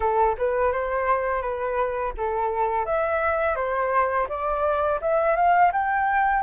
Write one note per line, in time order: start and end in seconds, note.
0.00 0.36 A4
0.38 0.72 B4
0.72 1.41 C5
1.41 2.12 B4
2.17 2.85 A4
2.85 3.55 E5
3.55 4.27 C5
4.28 5.00 D5
5.01 5.35 E5
5.35 5.71 F5
5.72 6.42 G5